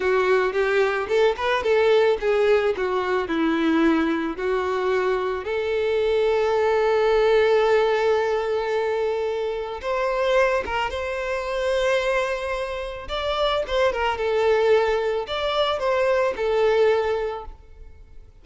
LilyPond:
\new Staff \with { instrumentName = "violin" } { \time 4/4 \tempo 4 = 110 fis'4 g'4 a'8 b'8 a'4 | gis'4 fis'4 e'2 | fis'2 a'2~ | a'1~ |
a'2 c''4. ais'8 | c''1 | d''4 c''8 ais'8 a'2 | d''4 c''4 a'2 | }